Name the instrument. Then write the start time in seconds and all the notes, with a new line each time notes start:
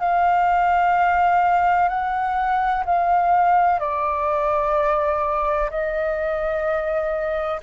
flute
0.00 F5
1.89 F#5
2.86 F5
3.80 D5
5.71 D#5